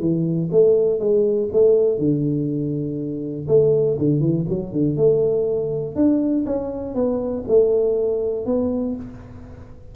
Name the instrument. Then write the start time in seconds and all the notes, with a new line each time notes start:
tuba
0.00 E3
0.52 A3
1.00 G#3
1.53 A3
1.98 D3
3.48 A3
3.98 D3
4.21 E3
4.49 F#3
4.72 D3
4.97 A3
5.95 D4
6.46 C#4
6.95 B3
7.48 A3
8.46 B3